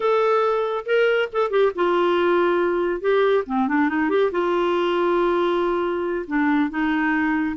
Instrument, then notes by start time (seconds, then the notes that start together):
clarinet
0.00 A4
0.85 A#4
1.32 A4
1.50 G4
1.75 F4
3.00 G4
3.46 C4
3.67 D4
3.88 D#4
4.09 G4
4.31 F4
6.27 D4
6.69 D#4